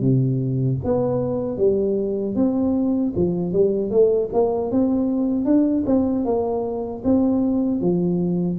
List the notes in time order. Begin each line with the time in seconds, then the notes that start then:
0.00 C3
0.84 B3
1.57 G3
2.35 C4
3.15 F3
3.52 G3
3.90 A3
4.32 A#3
4.71 C4
5.45 D4
5.86 C4
6.24 A#3
7.04 C4
7.81 F3